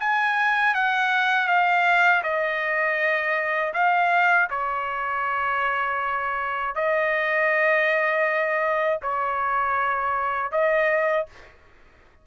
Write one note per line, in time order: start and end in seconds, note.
0.00 0.74 G#5
0.74 1.48 F#5
1.48 2.23 F5
2.23 3.73 D#5
3.74 4.49 F5
4.50 6.75 C#5
6.75 9.00 D#5
9.02 10.51 C#5
10.51 11.26 D#5